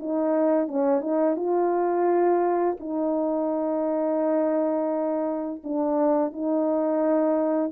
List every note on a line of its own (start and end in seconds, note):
0.00 0.68 D#4
0.68 1.01 C#4
1.01 1.37 D#4
1.37 2.78 F4
2.80 5.62 D#4
5.64 6.33 D4
6.33 7.72 D#4